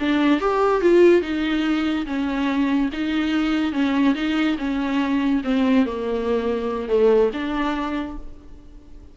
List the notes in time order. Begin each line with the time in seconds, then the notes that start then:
0.00 D4
0.41 G4
0.81 F4
1.22 D#4
2.06 C#4
2.93 D#4
3.73 C#4
4.15 D#4
4.58 C#4
5.44 C4
5.86 A#3
6.89 A3
7.34 D4